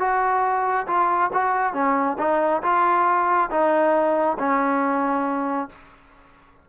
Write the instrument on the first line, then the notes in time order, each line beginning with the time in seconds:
trombone
0.00 F#4
0.88 F4
1.34 F#4
1.74 C#4
2.19 D#4
2.63 F4
3.51 D#4
4.39 C#4